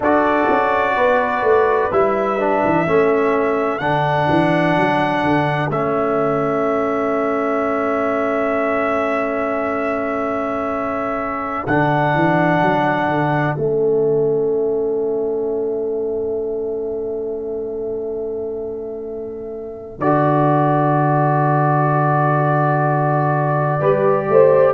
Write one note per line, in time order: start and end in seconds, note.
0.00 0.47 D4
0.00 1.91 F#4
0.00 0.94 A4
0.00 1.92 D5
0.49 0.96 C#4
0.96 1.42 B3
0.96 2.84 B4
1.42 1.90 A3
1.91 2.63 G3
1.91 2.39 E4
1.91 3.78 E5
2.39 2.86 D4
2.64 2.87 E3
2.84 3.80 A3
2.84 3.80 C#4
2.84 23.79 A4
3.78 4.27 D3
3.78 5.70 D4
3.78 5.69 F#5
4.29 4.76 E3
4.76 5.23 F#3
5.23 5.69 D3
5.69 11.64 A3
5.69 11.67 C#4
5.69 11.65 E5
11.66 12.14 D3
11.66 13.56 D4
11.66 13.55 F#5
12.14 12.62 E3
12.62 13.08 F#3
13.08 13.56 D3
13.55 19.98 A3
13.55 19.99 C#4
13.55 19.97 E5
19.98 23.79 D3
19.98 23.80 F#4
19.98 24.73 D5
23.79 24.29 G3
23.79 24.73 G4
23.79 24.27 B4
24.29 24.73 A3
24.29 24.73 C5